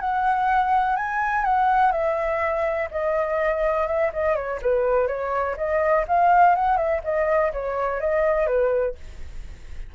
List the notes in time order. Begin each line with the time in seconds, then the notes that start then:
0.00 F#5
0.96 G#5
1.44 F#5
1.91 E5
2.91 D#5
3.86 E5
4.13 D#5
4.35 C#5
4.61 B4
5.07 C#5
5.57 D#5
6.07 F5
6.55 F#5
6.77 E5
7.03 D#5
7.52 C#5
8.00 D#5
8.46 B4